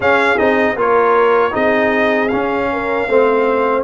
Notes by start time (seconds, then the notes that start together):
0.00 C#4 G#4 F5
0.37 C4 D#4 D#5
0.75 A#3 F4 A#4 C#5
1.51 C4 D#4 G#4 D#5
2.28 C#4 F5
2.72 A#4
3.08 A3 C4 C5